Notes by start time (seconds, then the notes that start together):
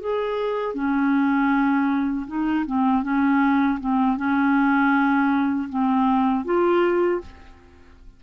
0.00 G#4
0.74 C#4
2.27 D#4
2.66 C4
3.03 C#4
3.80 C4
4.17 C#4
5.69 C4
6.45 F4